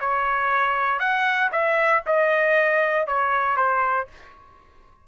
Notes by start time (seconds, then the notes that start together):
0.00 C#5
0.99 F#5
1.52 E5
2.06 D#5
3.06 C#5
3.56 C5